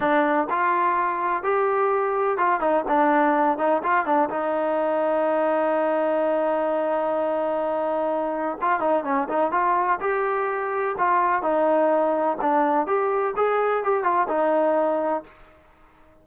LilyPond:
\new Staff \with { instrumentName = "trombone" } { \time 4/4 \tempo 4 = 126 d'4 f'2 g'4~ | g'4 f'8 dis'8 d'4. dis'8 | f'8 d'8 dis'2.~ | dis'1~ |
dis'2 f'8 dis'8 cis'8 dis'8 | f'4 g'2 f'4 | dis'2 d'4 g'4 | gis'4 g'8 f'8 dis'2 | }